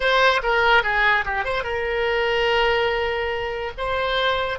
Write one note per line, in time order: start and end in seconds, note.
0.00 0.41 C5
0.42 0.83 A#4
0.83 1.24 G#4
1.25 1.44 G4
1.44 1.63 C5
1.63 3.72 A#4
3.77 4.59 C5